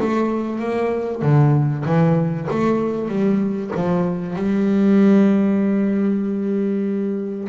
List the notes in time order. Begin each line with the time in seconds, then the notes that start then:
0.00 A3
0.59 A#3
1.22 D3
1.86 E3
2.50 A3
3.09 G3
3.76 F3
4.36 G3